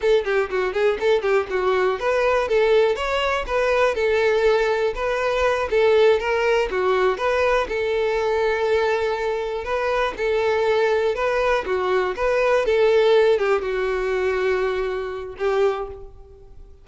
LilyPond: \new Staff \with { instrumentName = "violin" } { \time 4/4 \tempo 4 = 121 a'8 g'8 fis'8 gis'8 a'8 g'8 fis'4 | b'4 a'4 cis''4 b'4 | a'2 b'4. a'8~ | a'8 ais'4 fis'4 b'4 a'8~ |
a'2.~ a'8 b'8~ | b'8 a'2 b'4 fis'8~ | fis'8 b'4 a'4. g'8 fis'8~ | fis'2. g'4 | }